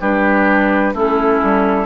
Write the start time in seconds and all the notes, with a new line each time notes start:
0.00 G3 D4 G4 B4
0.93 A3 C#4 E4 A4
1.43 G3